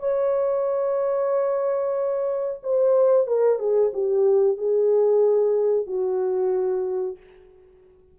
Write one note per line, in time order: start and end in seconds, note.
0.00 2.61 C#5
2.64 3.28 C5
3.28 3.60 A#4
3.60 3.92 G#4
3.94 4.58 G4
4.58 5.87 G#4
5.87 7.18 F#4